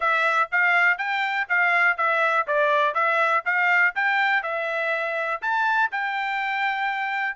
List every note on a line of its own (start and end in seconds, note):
0.00 0.49 E5
0.51 0.98 F5
0.98 1.47 G5
1.48 1.97 F5
1.97 2.46 E5
2.47 2.94 D5
2.94 3.43 E5
3.45 3.94 F5
3.95 4.42 G5
4.42 5.41 E5
5.41 5.90 A5
5.92 7.36 G5